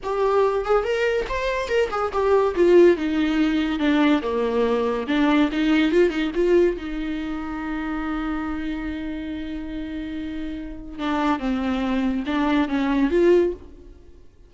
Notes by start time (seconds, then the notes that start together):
0.03 G4
0.65 G#4
0.83 A#4
1.28 C5
1.68 A#4
1.90 G#4
2.12 G4
2.55 F4
2.96 D#4
3.79 D4
4.22 A#3
5.07 D4
5.52 D#4
5.91 F4
6.10 D#4
6.34 F4
6.76 D#4
10.98 D4
11.39 C4
12.26 D4
12.68 C#4
13.10 F4